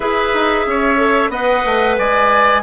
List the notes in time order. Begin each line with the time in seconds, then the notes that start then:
0.00 E4 G#4 B4 E5
0.33 D#4
0.66 C#4 C#5
0.97 A4
1.29 B3 B4 D#5 F#5
1.65 A3
1.98 G#3 D5 G#5